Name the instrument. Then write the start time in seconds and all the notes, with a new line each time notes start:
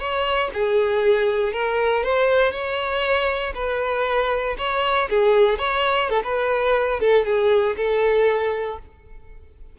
violin
0.00 C#5
0.54 G#4
1.53 A#4
2.04 C5
2.52 C#5
3.55 B4
4.59 C#5
5.10 G#4
5.59 C#5
6.10 A4
6.24 B4
7.01 A4
7.26 G#4
7.78 A4